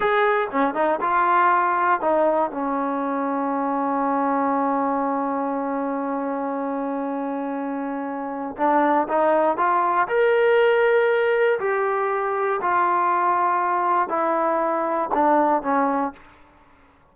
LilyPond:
\new Staff \with { instrumentName = "trombone" } { \time 4/4 \tempo 4 = 119 gis'4 cis'8 dis'8 f'2 | dis'4 cis'2.~ | cis'1~ | cis'1~ |
cis'4 d'4 dis'4 f'4 | ais'2. g'4~ | g'4 f'2. | e'2 d'4 cis'4 | }